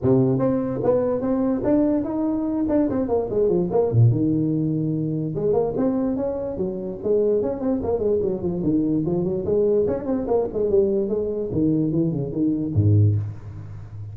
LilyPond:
\new Staff \with { instrumentName = "tuba" } { \time 4/4 \tempo 4 = 146 c4 c'4 b4 c'4 | d'4 dis'4. d'8 c'8 ais8 | gis8 f8 ais8 ais,8 dis2~ | dis4 gis8 ais8 c'4 cis'4 |
fis4 gis4 cis'8 c'8 ais8 gis8 | fis8 f8 dis4 f8 fis8 gis4 | cis'8 c'8 ais8 gis8 g4 gis4 | dis4 e8 cis8 dis4 gis,4 | }